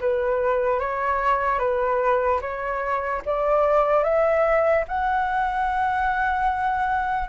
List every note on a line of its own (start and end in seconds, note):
0.00 0.79 B4
0.79 1.58 C#5
1.58 2.40 B4
2.41 3.22 C#5
3.25 4.03 D5
4.03 4.84 E5
4.88 7.28 F#5